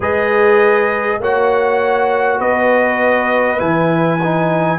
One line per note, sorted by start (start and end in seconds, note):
0.00 1.19 G#3
0.00 1.21 G#4
0.00 1.20 B4
0.00 1.22 D#5
1.19 2.39 A#3
1.19 3.58 F#4
1.19 2.38 C#5
1.19 2.40 F#5
2.38 3.60 B3
2.38 4.78 B4
2.38 3.59 D#5
3.58 4.78 E3
3.58 4.18 E4
3.58 4.78 G#5
4.23 4.78 D#4